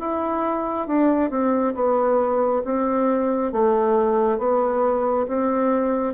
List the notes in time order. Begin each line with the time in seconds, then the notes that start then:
0.00 E4
0.88 D4
1.31 C4
1.75 B3
2.65 C4
3.53 A3
4.39 B3
5.28 C4